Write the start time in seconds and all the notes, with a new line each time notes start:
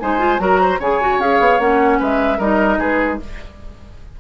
0.00 G#3 D#4 C5 G#5
0.19 F4
0.39 F#3 F#4 A#4 A#5
0.61 C5
0.79 C#3 G#4 C#5 G#5
1.01 F#4
1.19 C#4 G#4 F5
1.40 B3
1.59 A#3 C#4 F#5
1.99 G#3 B4 E5
2.38 G3 D#4 A#4 D#5
2.79 G#3 G#4 B4